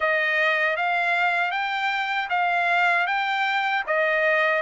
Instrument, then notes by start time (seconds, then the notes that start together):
trumpet
0.00 D#5
0.76 F5
1.51 G5
2.29 F5
3.06 G5
3.86 D#5